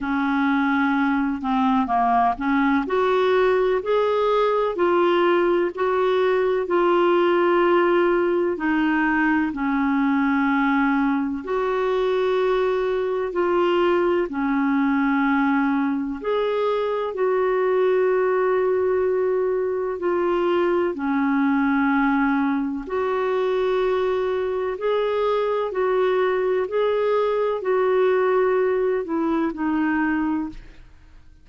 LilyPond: \new Staff \with { instrumentName = "clarinet" } { \time 4/4 \tempo 4 = 63 cis'4. c'8 ais8 cis'8 fis'4 | gis'4 f'4 fis'4 f'4~ | f'4 dis'4 cis'2 | fis'2 f'4 cis'4~ |
cis'4 gis'4 fis'2~ | fis'4 f'4 cis'2 | fis'2 gis'4 fis'4 | gis'4 fis'4. e'8 dis'4 | }